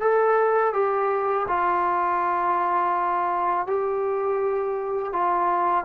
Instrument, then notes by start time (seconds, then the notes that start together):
trombone
0.00 A4
0.73 G4
1.48 F4
3.67 G4
5.13 F4